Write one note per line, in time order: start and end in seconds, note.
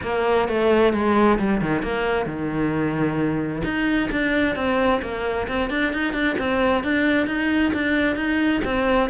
0.02 0.48 A#3
0.48 0.93 A3
0.93 1.38 G#3
1.38 1.61 G3
1.61 1.82 D#3
1.82 2.26 A#3
2.26 3.62 D#3
3.64 4.09 D#4
4.11 4.55 D4
4.55 5.01 C4
5.02 5.47 A#3
5.48 5.70 C4
5.70 5.92 D4
5.92 6.13 D#4
6.13 6.36 D4
6.38 6.83 C4
6.83 7.26 D4
7.26 7.72 D#4
7.73 8.16 D4
8.16 8.61 D#4
8.64 9.09 C4